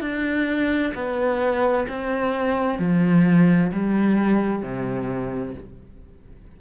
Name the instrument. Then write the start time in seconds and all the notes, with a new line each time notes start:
cello
0.00 D4
0.94 B3
1.88 C4
2.79 F3
3.72 G3
4.62 C3